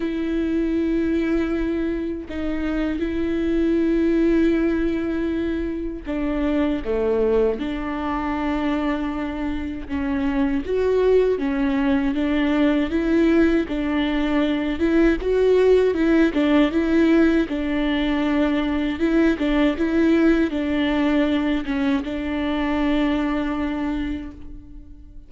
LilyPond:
\new Staff \with { instrumentName = "viola" } { \time 4/4 \tempo 4 = 79 e'2. dis'4 | e'1 | d'4 a4 d'2~ | d'4 cis'4 fis'4 cis'4 |
d'4 e'4 d'4. e'8 | fis'4 e'8 d'8 e'4 d'4~ | d'4 e'8 d'8 e'4 d'4~ | d'8 cis'8 d'2. | }